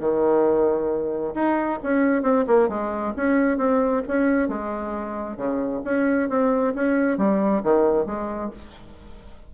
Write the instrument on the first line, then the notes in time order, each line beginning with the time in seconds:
bassoon
0.00 D#3
1.35 D#4
1.84 C#4
2.23 C4
2.48 A#3
2.69 G#3
3.17 C#4
3.58 C4
4.08 C#4
4.49 G#3
5.37 C#3
5.85 C#4
6.30 C4
6.75 C#4
7.18 G3
7.64 D#3
8.06 G#3